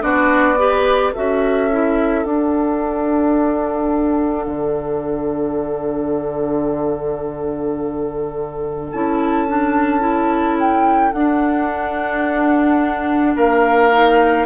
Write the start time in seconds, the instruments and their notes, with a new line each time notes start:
0.00 bassoon B3, clarinet D4, oboe F#4, flute D5
0.58 clarinet G4, oboe B4
1.12 bassoon C#4, clarinet F#4, oboe A4, flute E5
1.70 clarinet E4
2.24 bassoon D4, clarinet D4, flute F#5
4.46 bassoon D3
8.91 bassoon C#4, clarinet E4, flute A5
9.47 clarinet D4
10.00 clarinet E4
10.59 flute G5
11.12 bassoon D4, clarinet D4, flute F#5
13.36 bassoon A#3, oboe A#4, flute F5
13.92 clarinet D#4